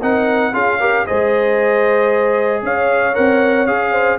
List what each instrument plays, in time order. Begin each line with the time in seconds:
0.00 tuba C4, trombone D#4, horn A#4, trumpet F#5
0.52 tuba C#4, trombone F4, horn G#4, trumpet F5
0.80 trombone G4, horn A#4
1.06 tuba G#3, trombone G#4, horn C5, trumpet D#5
2.63 tuba C#4, horn C#5, trumpet F5
3.14 tuba C4, trombone A#4, trumpet F#5
3.66 tuba C#4, trombone G#4, trumpet F5
3.92 horn C5